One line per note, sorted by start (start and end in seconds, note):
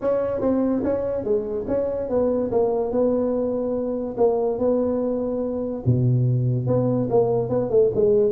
0.01 0.41 C#4
0.41 0.82 C4
0.84 1.23 C#4
1.23 1.65 G#3
1.67 2.09 C#4
2.09 2.51 B3
2.51 2.91 A#3
2.91 4.16 B3
4.17 4.58 A#3
4.58 5.83 B3
5.85 6.66 B2
6.66 7.08 B3
7.10 7.49 A#3
7.49 7.70 B3
7.70 7.90 A3
7.95 8.31 G#3